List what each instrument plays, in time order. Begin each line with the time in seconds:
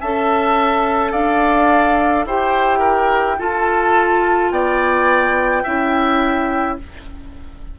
0.00 bassoon C#4, clarinet A4, oboe E5, flute A5
1.12 bassoon D4, oboe D5, flute F5
2.25 bassoon E4, clarinet G4, oboe C5, flute G5
2.79 oboe A#4
3.39 clarinet F4, bassoon F4, oboe A4, flute A5
4.51 bassoon B3, oboe D5, flute G5
5.64 bassoon C#4, clarinet E4, oboe E5